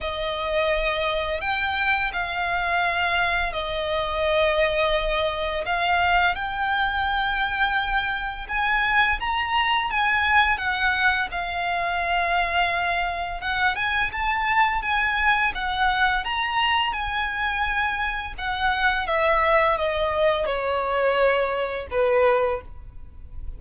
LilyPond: \new Staff \with { instrumentName = "violin" } { \time 4/4 \tempo 4 = 85 dis''2 g''4 f''4~ | f''4 dis''2. | f''4 g''2. | gis''4 ais''4 gis''4 fis''4 |
f''2. fis''8 gis''8 | a''4 gis''4 fis''4 ais''4 | gis''2 fis''4 e''4 | dis''4 cis''2 b'4 | }